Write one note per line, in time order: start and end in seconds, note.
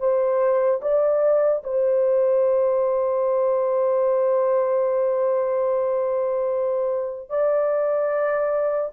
0.00 0.81 C5
0.82 1.63 D5
1.64 7.30 C5
7.30 8.92 D5